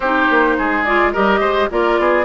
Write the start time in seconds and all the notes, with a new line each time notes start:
0.00 C4 D#4 G4 C5
0.30 A#3
0.58 G#3 G#4
0.84 F4 D5
1.12 G3 G4 A#4 D#5
1.40 G#3 C5
1.70 A#3 F4 A#4 D5
1.98 B3 G#4